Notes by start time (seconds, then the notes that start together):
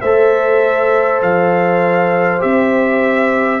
0.00 A3 A4 C5 E5
1.22 F3 F5
2.39 C4 G4 E5